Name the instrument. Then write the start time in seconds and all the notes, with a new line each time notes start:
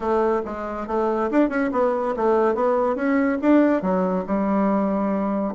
bassoon
0.00 A3
0.45 G#3
0.87 A3
1.30 D4
1.49 C#4
1.72 B3
2.16 A3
2.54 B3
2.95 C#4
3.41 D4
3.82 F#3
4.26 G3